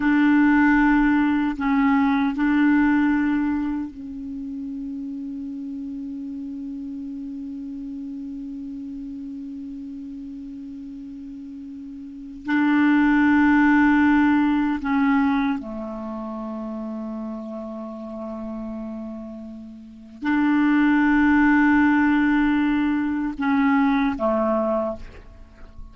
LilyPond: \new Staff \with { instrumentName = "clarinet" } { \time 4/4 \tempo 4 = 77 d'2 cis'4 d'4~ | d'4 cis'2.~ | cis'1~ | cis'1 |
d'2. cis'4 | a1~ | a2 d'2~ | d'2 cis'4 a4 | }